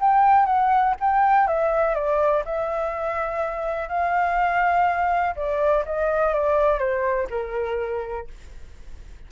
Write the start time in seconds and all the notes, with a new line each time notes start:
0.00 G5
0.46 F#5
1.00 G5
1.48 E5
1.94 D5
2.45 E5
3.89 F5
5.36 D5
5.86 D#5
6.34 D5
6.79 C5
7.30 A#4